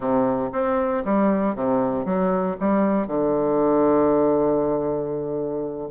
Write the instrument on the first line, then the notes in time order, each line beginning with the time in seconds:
bassoon
0.00 C3
0.52 C4
1.04 G3
1.55 C3
2.05 F#3
2.60 G3
3.07 D3